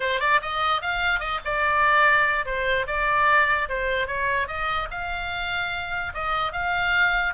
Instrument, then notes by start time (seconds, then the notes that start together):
oboe
0.00 C5
0.19 D5
0.42 D#5
0.81 F5
1.19 D#5
1.44 D5
2.45 C5
2.86 D5
3.68 C5
4.07 C#5
4.47 D#5
4.90 F5
6.14 D#5
6.52 F5